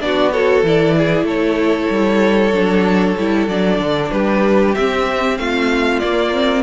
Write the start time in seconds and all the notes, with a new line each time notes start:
0.00 B3 D4 F#4 D5
0.31 F#4 A4 C#5
0.62 E3 E4 D5
0.97 G#4
1.23 A3 A4 C#5
1.89 G3
2.52 F#3 D4
3.17 G3 E4
3.48 F#3 D4 D5
3.79 D3
4.11 G3 G4 B4
4.74 C4 E5
5.37 A3 F4 F5
5.99 A#3 D5
6.32 C4